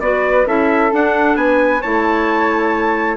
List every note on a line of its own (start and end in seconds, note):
0.00 0.45 B3
0.00 0.46 F#4
0.00 0.47 B4
0.00 0.46 D5
0.46 0.92 C#4
0.46 0.91 E4
0.46 1.37 A4
0.46 0.93 E5
0.91 1.82 D4
0.91 1.36 D4
0.91 1.37 F#5
1.36 1.81 B3
1.36 1.82 B4
1.36 1.82 G#5
1.82 3.17 A3
1.82 3.17 E4
1.82 3.17 C#5
1.82 3.17 A5